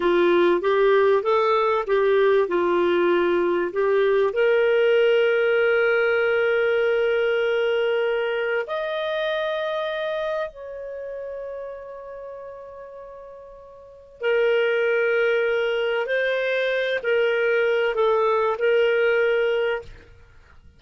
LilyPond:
\new Staff \with { instrumentName = "clarinet" } { \time 4/4 \tempo 4 = 97 f'4 g'4 a'4 g'4 | f'2 g'4 ais'4~ | ais'1~ | ais'2 dis''2~ |
dis''4 cis''2.~ | cis''2. ais'4~ | ais'2 c''4. ais'8~ | ais'4 a'4 ais'2 | }